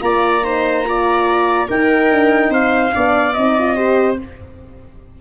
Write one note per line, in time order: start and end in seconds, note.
0.00 1.68 A#3
0.00 0.42 F4
0.00 0.44 D5
0.00 1.69 A#5
0.43 0.84 D#4
0.43 0.86 C5
0.84 1.68 F4
0.84 1.68 D5
1.68 2.11 D#4
1.68 2.93 D#4
1.68 2.51 A#4
1.68 2.53 G5
2.11 2.50 D4
2.50 2.91 C4
2.50 2.93 C5
2.50 3.33 F5
2.93 3.37 B3
2.93 3.34 D4
2.93 3.76 D5
3.33 4.21 C4
3.33 3.59 D#4
3.33 4.16 D#5
3.59 3.76 F4
3.76 4.18 G4
3.76 4.18 C5